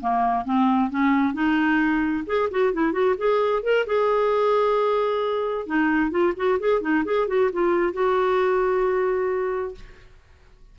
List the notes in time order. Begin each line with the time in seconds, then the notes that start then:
0.00 A#3
0.44 C4
0.89 C#4
1.33 D#4
2.26 G#4
2.51 F#4
2.73 E4
2.92 F#4
3.17 G#4
3.62 A#4
3.86 G#4
5.66 D#4
6.10 F4
6.36 F#4
6.59 G#4
6.81 D#4
7.05 G#4
7.27 F#4
7.52 F4
7.93 F#4